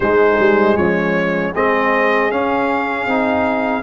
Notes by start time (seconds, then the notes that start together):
0.00 G#3 D#4 C5
0.39 G3
0.76 F3 C#4 C#5
1.53 G#3 C4 G#4 D#5
2.31 C#4 F5
3.07 C4 D#4